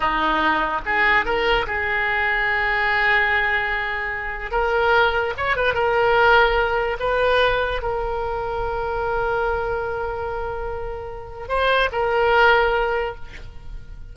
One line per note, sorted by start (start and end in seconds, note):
0.00 0.81 D#4
0.85 1.25 G#4
1.25 1.66 A#4
1.66 4.51 G#4
4.51 5.33 A#4
5.37 5.56 C#5
5.56 5.73 B4
5.73 6.97 A#4
6.99 7.82 B4
7.82 11.48 A#4
11.48 11.89 C5
11.92 13.15 A#4